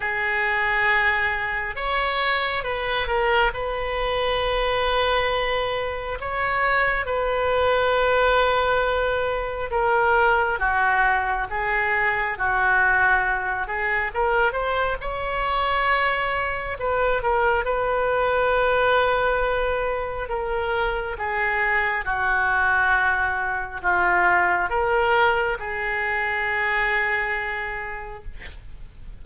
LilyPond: \new Staff \with { instrumentName = "oboe" } { \time 4/4 \tempo 4 = 68 gis'2 cis''4 b'8 ais'8 | b'2. cis''4 | b'2. ais'4 | fis'4 gis'4 fis'4. gis'8 |
ais'8 c''8 cis''2 b'8 ais'8 | b'2. ais'4 | gis'4 fis'2 f'4 | ais'4 gis'2. | }